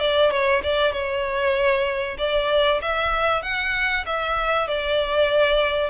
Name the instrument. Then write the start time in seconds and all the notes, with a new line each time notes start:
violin
0.00 D5
0.31 C#5
0.64 D5
0.93 C#5
2.19 D5
2.82 E5
3.43 F#5
4.07 E5
4.68 D5